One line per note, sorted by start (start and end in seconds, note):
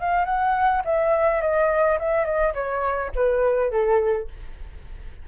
0.00 0.26 F5
0.26 0.83 F#5
0.85 1.42 E5
1.42 1.99 D#5
1.99 2.25 E5
2.25 2.54 D#5
2.54 3.11 C#5
3.16 3.71 B4
3.71 4.28 A4